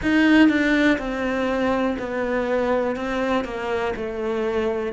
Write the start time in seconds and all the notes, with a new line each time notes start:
0.02 D#4
0.49 D4
0.98 C4
1.99 B3
2.96 C4
3.44 A#3
3.96 A3